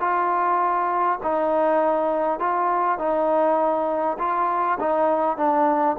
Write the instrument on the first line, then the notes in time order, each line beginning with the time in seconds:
trombone
0.00 F4
1.23 D#4
2.39 F4
2.98 D#4
4.19 F4
4.80 D#4
5.37 D4